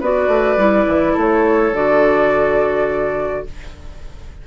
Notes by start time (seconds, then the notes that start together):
0.00 B3 F#4 B4 D5
0.28 A3
0.57 G3 E4
0.88 E3
1.14 A3 A4
1.20 C#5
1.72 D3 F#4 D5